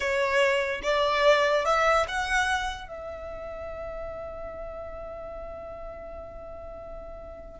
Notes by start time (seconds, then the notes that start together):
0.00 C#5
0.82 D5
1.65 E5
2.08 F#5
2.88 E5